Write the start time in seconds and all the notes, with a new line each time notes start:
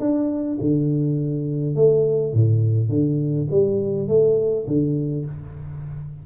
0.00 D4
0.61 D3
1.76 A3
2.34 A2
2.89 D3
3.51 G3
4.08 A3
4.67 D3